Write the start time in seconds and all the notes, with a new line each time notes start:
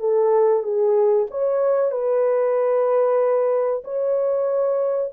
0.00 A4
0.63 G#4
1.31 C#5
1.91 B4
3.84 C#5